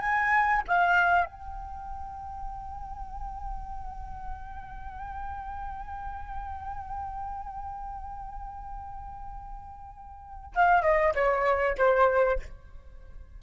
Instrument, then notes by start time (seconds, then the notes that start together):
flute
0.00 G#5
0.67 F5
1.25 G5
10.55 F5
10.82 D#5
11.15 C#5
11.78 C5